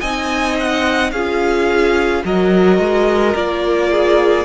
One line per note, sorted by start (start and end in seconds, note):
0.00 1.12 C4
0.00 1.14 D#4
0.00 1.11 D#5
0.00 0.56 G#5
0.59 1.11 F#5
1.11 2.23 C#4
1.11 2.23 F4
1.11 2.23 G#4
1.11 2.22 F5
2.23 2.78 F#3
2.23 3.34 F#4
2.23 3.91 A#4
2.23 3.35 D#5
2.78 3.34 G#3
3.34 4.45 A#3
3.34 4.45 F4
3.34 4.45 D5
3.91 4.45 G#4